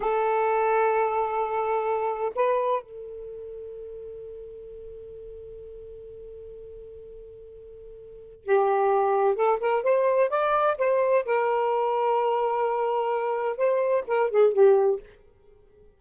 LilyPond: \new Staff \with { instrumentName = "saxophone" } { \time 4/4 \tempo 4 = 128 a'1~ | a'4 b'4 a'2~ | a'1~ | a'1~ |
a'2 g'2 | a'8 ais'8 c''4 d''4 c''4 | ais'1~ | ais'4 c''4 ais'8 gis'8 g'4 | }